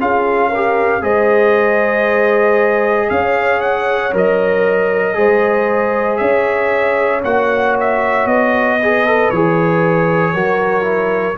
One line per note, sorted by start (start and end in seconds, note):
0.00 1.03 C#4
0.00 0.52 F4
0.00 0.48 G#4
0.00 1.03 F5
0.48 1.00 A#4
0.55 1.01 G4
1.01 3.09 G#3
1.01 4.12 G#4
1.01 3.10 C5
1.01 3.10 D#5
3.10 4.13 C#4
3.10 5.17 C#5
3.10 3.61 F5
3.61 4.12 F#5
4.13 5.17 F#3
4.13 5.14 A#4
4.13 6.17 D#5
5.14 6.20 G#3
5.14 7.21 G#4
5.14 6.20 C5
6.17 7.24 C#4
6.17 8.79 C#5
6.17 7.20 E5
7.24 8.26 A#3
7.24 8.80 F#4
7.24 7.76 F#5
7.80 8.27 E5
8.26 9.29 B3
8.26 9.30 D#5
8.80 9.07 G#4
8.80 10.34 B4
9.07 9.33 A4
9.30 10.34 E3
9.30 10.35 G#4
9.30 11.37 C#5
10.34 11.38 F#3
10.34 10.83 F#4
10.34 11.37 A#4
10.83 11.34 E4